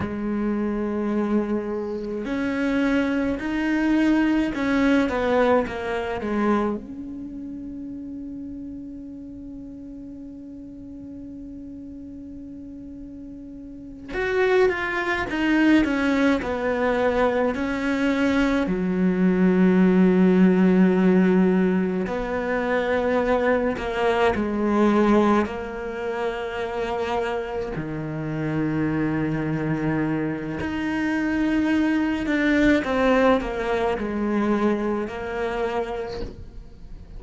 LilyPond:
\new Staff \with { instrumentName = "cello" } { \time 4/4 \tempo 4 = 53 gis2 cis'4 dis'4 | cis'8 b8 ais8 gis8 cis'2~ | cis'1~ | cis'8 fis'8 f'8 dis'8 cis'8 b4 cis'8~ |
cis'8 fis2. b8~ | b4 ais8 gis4 ais4.~ | ais8 dis2~ dis8 dis'4~ | dis'8 d'8 c'8 ais8 gis4 ais4 | }